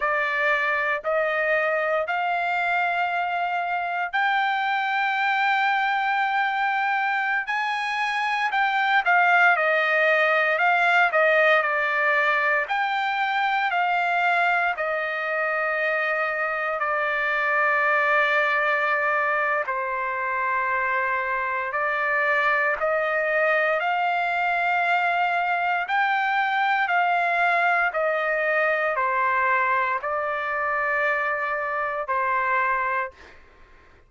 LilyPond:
\new Staff \with { instrumentName = "trumpet" } { \time 4/4 \tempo 4 = 58 d''4 dis''4 f''2 | g''2.~ g''16 gis''8.~ | gis''16 g''8 f''8 dis''4 f''8 dis''8 d''8.~ | d''16 g''4 f''4 dis''4.~ dis''16~ |
dis''16 d''2~ d''8. c''4~ | c''4 d''4 dis''4 f''4~ | f''4 g''4 f''4 dis''4 | c''4 d''2 c''4 | }